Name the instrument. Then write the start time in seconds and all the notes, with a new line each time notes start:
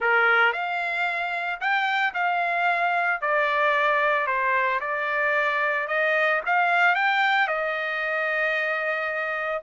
trumpet
0.00 A#4
0.53 F5
1.60 G5
2.14 F5
3.21 D5
4.26 C5
4.80 D5
5.87 D#5
6.46 F5
6.95 G5
7.47 D#5